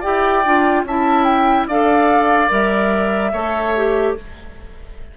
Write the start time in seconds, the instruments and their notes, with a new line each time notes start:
0.00 bassoon E4, clarinet G4, oboe D5, flute G5
0.46 bassoon D4, clarinet F4
0.84 bassoon C#4, clarinet E4, oboe E5, flute A5
1.24 flute G5
1.68 bassoon D4, clarinet A4, oboe D5, flute F5
2.49 bassoon G3, clarinet A#4, flute E5
3.33 bassoon A3, clarinet A4, oboe C#5
3.76 clarinet G4